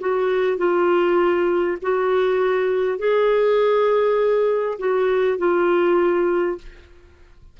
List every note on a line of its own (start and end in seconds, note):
0.00 0.58 F#4
0.58 1.78 F4
1.82 2.98 F#4
2.98 4.78 G#4
4.79 5.38 F#4
5.38 6.58 F4